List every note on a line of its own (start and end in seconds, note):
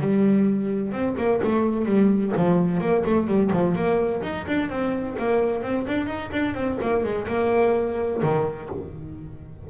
0.00 0.92 G3
0.92 1.15 C4
1.17 1.40 A#3
1.43 1.85 A3
1.85 2.32 G3
2.36 2.80 F3
2.80 3.03 A#3
3.06 3.27 A3
3.27 3.50 G3
3.52 3.75 F3
3.75 4.22 A#3
4.22 4.46 D#4
4.47 4.69 D4
4.69 5.16 C4
5.18 5.62 A#3
5.62 5.86 C4
5.87 6.06 D4
6.06 6.30 D#4
6.32 6.54 D4
6.54 6.78 C4
6.81 7.04 A#3
7.04 7.27 G#3
7.28 8.21 A#3
8.22 8.69 D#3